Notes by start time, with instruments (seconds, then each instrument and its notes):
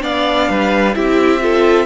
0.00 cello B3, viola D4, violin D5 F5
0.49 cello G3, violin B4
0.95 cello C4, viola E4, violin G4 E5
1.40 viola F4, violin A4